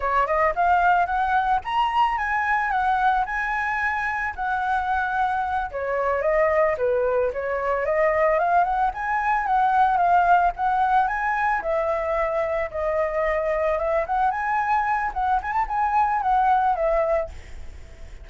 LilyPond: \new Staff \with { instrumentName = "flute" } { \time 4/4 \tempo 4 = 111 cis''8 dis''8 f''4 fis''4 ais''4 | gis''4 fis''4 gis''2 | fis''2~ fis''8 cis''4 dis''8~ | dis''8 b'4 cis''4 dis''4 f''8 |
fis''8 gis''4 fis''4 f''4 fis''8~ | fis''8 gis''4 e''2 dis''8~ | dis''4. e''8 fis''8 gis''4. | fis''8 gis''16 a''16 gis''4 fis''4 e''4 | }